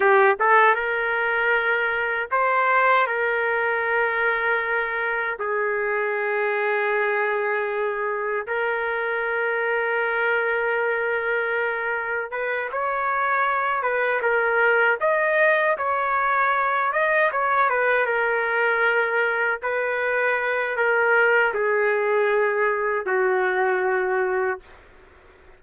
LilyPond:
\new Staff \with { instrumentName = "trumpet" } { \time 4/4 \tempo 4 = 78 g'8 a'8 ais'2 c''4 | ais'2. gis'4~ | gis'2. ais'4~ | ais'1 |
b'8 cis''4. b'8 ais'4 dis''8~ | dis''8 cis''4. dis''8 cis''8 b'8 ais'8~ | ais'4. b'4. ais'4 | gis'2 fis'2 | }